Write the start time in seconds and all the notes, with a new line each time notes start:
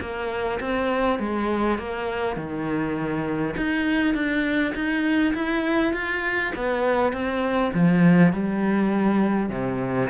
0.00 A#3
0.60 C4
1.19 G#3
1.78 A#3
2.36 D#3
3.57 D#4
4.14 D4
4.74 D#4
5.34 E4
5.93 F4
6.55 B3
7.13 C4
7.73 F3
8.32 G3
9.50 C3